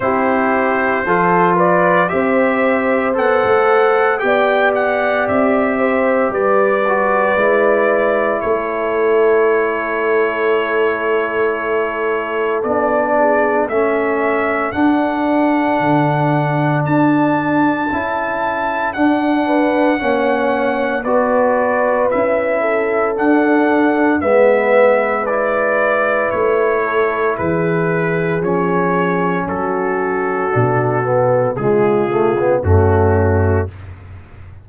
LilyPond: <<
  \new Staff \with { instrumentName = "trumpet" } { \time 4/4 \tempo 4 = 57 c''4. d''8 e''4 fis''4 | g''8 fis''8 e''4 d''2 | cis''1 | d''4 e''4 fis''2 |
a''2 fis''2 | d''4 e''4 fis''4 e''4 | d''4 cis''4 b'4 cis''4 | a'2 gis'4 fis'4 | }
  \new Staff \with { instrumentName = "horn" } { \time 4/4 g'4 a'8 b'8 c''2 | d''4. c''8 b'2 | a'1~ | a'8 gis'8 a'2.~ |
a'2~ a'8 b'8 cis''4 | b'4. a'4. b'4~ | b'4. a'8 gis'2 | fis'2 f'4 cis'4 | }
  \new Staff \with { instrumentName = "trombone" } { \time 4/4 e'4 f'4 g'4 a'4 | g'2~ g'8 fis'8 e'4~ | e'1 | d'4 cis'4 d'2~ |
d'4 e'4 d'4 cis'4 | fis'4 e'4 d'4 b4 | e'2. cis'4~ | cis'4 d'8 b8 gis8 a16 b16 a4 | }
  \new Staff \with { instrumentName = "tuba" } { \time 4/4 c'4 f4 c'4 b16 a8. | b4 c'4 g4 gis4 | a1 | b4 a4 d'4 d4 |
d'4 cis'4 d'4 ais4 | b4 cis'4 d'4 gis4~ | gis4 a4 e4 f4 | fis4 b,4 cis4 fis,4 | }
>>